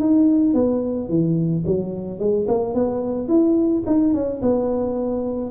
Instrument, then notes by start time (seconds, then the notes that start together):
tuba
0.00 D#4
0.54 B3
1.09 E3
1.66 F#3
2.19 G#3
2.48 A#3
2.74 B3
3.29 E4
3.86 D#4
4.14 C#4
4.42 B3